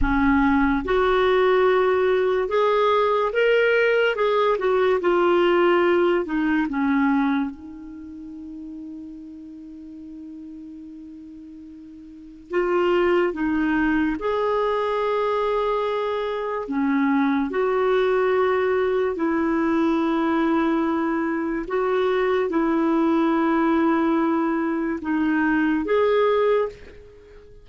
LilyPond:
\new Staff \with { instrumentName = "clarinet" } { \time 4/4 \tempo 4 = 72 cis'4 fis'2 gis'4 | ais'4 gis'8 fis'8 f'4. dis'8 | cis'4 dis'2.~ | dis'2. f'4 |
dis'4 gis'2. | cis'4 fis'2 e'4~ | e'2 fis'4 e'4~ | e'2 dis'4 gis'4 | }